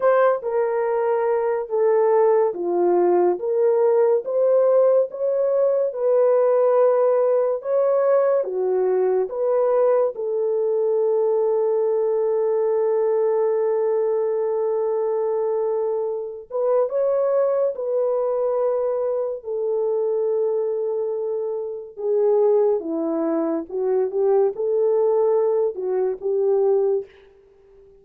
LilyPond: \new Staff \with { instrumentName = "horn" } { \time 4/4 \tempo 4 = 71 c''8 ais'4. a'4 f'4 | ais'4 c''4 cis''4 b'4~ | b'4 cis''4 fis'4 b'4 | a'1~ |
a'2.~ a'8 b'8 | cis''4 b'2 a'4~ | a'2 gis'4 e'4 | fis'8 g'8 a'4. fis'8 g'4 | }